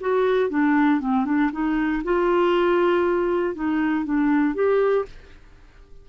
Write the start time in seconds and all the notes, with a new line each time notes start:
0.00 F#4
0.49 D4
1.00 C4
1.25 D4
1.52 D#4
2.03 F4
3.55 D#4
4.04 D4
4.54 G4